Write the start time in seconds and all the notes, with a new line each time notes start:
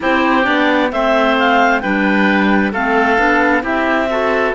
0.00 C4 E4 G4 C5
0.43 B3 D4 D5
0.91 A3 C4 C5 E5
1.38 F5
1.80 G3 D4 B4 G5
2.72 A3 C4 A4 F5
3.17 B3 D4
3.61 C4 E4 G4 E5
4.09 F#4 A4